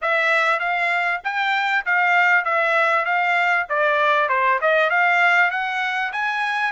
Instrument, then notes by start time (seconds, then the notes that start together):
trumpet
0.01 E5
0.59 F5
1.24 G5
1.85 F5
2.44 E5
3.05 F5
3.69 D5
4.29 C5
4.61 D#5
4.90 F5
5.50 F#5
6.12 G#5